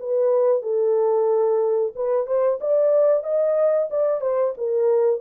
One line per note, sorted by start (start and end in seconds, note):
0.00 0.63 B4
0.63 1.93 A4
1.96 2.27 B4
2.27 2.59 C5
2.61 3.24 D5
3.24 3.89 D#5
3.90 4.21 D5
4.21 4.54 C5
4.58 5.21 A#4